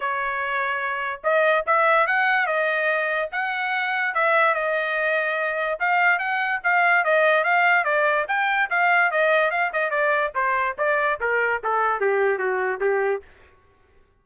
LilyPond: \new Staff \with { instrumentName = "trumpet" } { \time 4/4 \tempo 4 = 145 cis''2. dis''4 | e''4 fis''4 dis''2 | fis''2 e''4 dis''4~ | dis''2 f''4 fis''4 |
f''4 dis''4 f''4 d''4 | g''4 f''4 dis''4 f''8 dis''8 | d''4 c''4 d''4 ais'4 | a'4 g'4 fis'4 g'4 | }